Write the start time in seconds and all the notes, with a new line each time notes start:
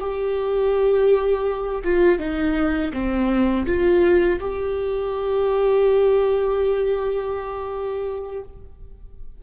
0.00 G4
1.84 F4
2.19 D#4
2.93 C4
3.66 F4
4.40 G4